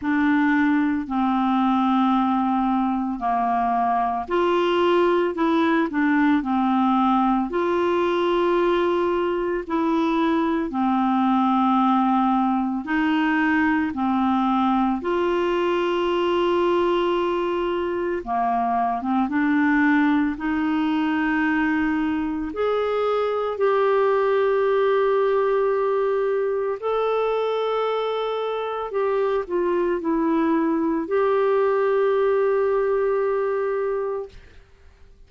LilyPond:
\new Staff \with { instrumentName = "clarinet" } { \time 4/4 \tempo 4 = 56 d'4 c'2 ais4 | f'4 e'8 d'8 c'4 f'4~ | f'4 e'4 c'2 | dis'4 c'4 f'2~ |
f'4 ais8. c'16 d'4 dis'4~ | dis'4 gis'4 g'2~ | g'4 a'2 g'8 f'8 | e'4 g'2. | }